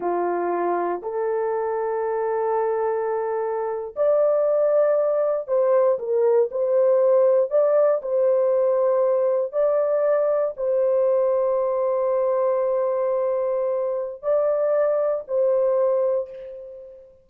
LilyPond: \new Staff \with { instrumentName = "horn" } { \time 4/4 \tempo 4 = 118 f'2 a'2~ | a'2.~ a'8. d''16~ | d''2~ d''8. c''4 ais'16~ | ais'8. c''2 d''4 c''16~ |
c''2~ c''8. d''4~ d''16~ | d''8. c''2.~ c''16~ | c''1 | d''2 c''2 | }